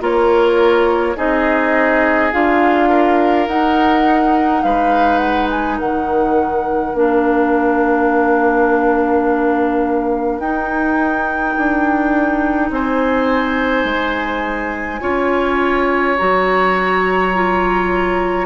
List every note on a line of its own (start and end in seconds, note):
0.00 1.16 A#3
0.00 1.15 F4
0.00 1.17 A#4
0.00 1.16 C#5
1.16 2.32 C4
1.16 2.31 D#4
1.16 2.88 G#4
1.16 2.32 D#5
2.32 3.47 D4
2.32 3.47 F4
2.32 3.48 F5
2.88 4.62 A#4
3.47 4.63 D#4
3.47 6.94 D#4
3.47 4.62 F#5
4.62 5.79 G#3
4.62 5.77 B4
4.62 5.18 F5
5.18 5.46 F#5
5.50 5.79 G#5
5.77 6.93 D#3
5.77 12.69 A#4
5.77 6.94 F#5
6.93 10.39 A#3
6.93 10.41 D4
6.93 10.39 F5
10.39 11.54 D#4
10.39 15.01 D#4
10.39 12.70 G5
11.57 12.70 D4
12.70 13.84 C4
12.70 15.01 C5
12.70 16.17 G#5
13.84 15.00 G#3
15.01 16.18 C#4
15.01 16.16 F4
15.01 18.45 C#5
16.17 18.45 F#3
16.17 17.33 F#4
16.17 18.45 A#5
17.34 18.45 F4